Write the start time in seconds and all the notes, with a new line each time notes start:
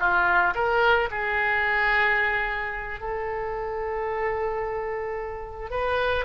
0.00 F4
0.55 A#4
1.11 G#4
3.01 A4
5.71 B4